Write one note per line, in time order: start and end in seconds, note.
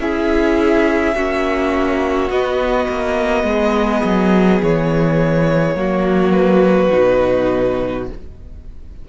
0.00 1.15 C#4
0.00 1.16 E4
0.00 1.16 G#4
0.00 2.31 E5
1.16 2.30 A#3
1.16 2.31 C#4
1.16 3.47 F#4
2.30 2.88 B3
2.30 5.76 B3
2.30 4.62 D#5
2.89 3.44 A#3
3.44 4.02 G#3
3.44 5.78 G#4
4.05 4.62 F#3
4.63 5.76 E3
4.63 6.32 C#5
5.76 6.91 F#3
5.76 6.91 A#3
5.76 8.09 F#4
6.32 8.05 B4
6.93 8.09 B2
6.93 8.08 D#4